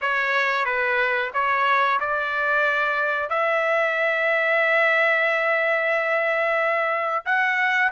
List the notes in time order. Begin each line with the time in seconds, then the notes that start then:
0.01 C#5
0.65 B4
1.33 C#5
1.99 D5
3.29 E5
7.25 F#5